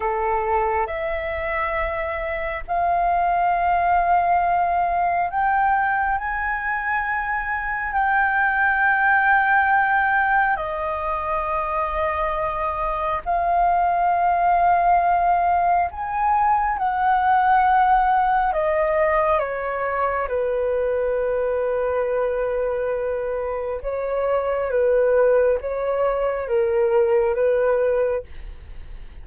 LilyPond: \new Staff \with { instrumentName = "flute" } { \time 4/4 \tempo 4 = 68 a'4 e''2 f''4~ | f''2 g''4 gis''4~ | gis''4 g''2. | dis''2. f''4~ |
f''2 gis''4 fis''4~ | fis''4 dis''4 cis''4 b'4~ | b'2. cis''4 | b'4 cis''4 ais'4 b'4 | }